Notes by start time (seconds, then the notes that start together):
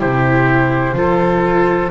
0.00 C3 E4 G4 C5
0.94 F3 F4 A4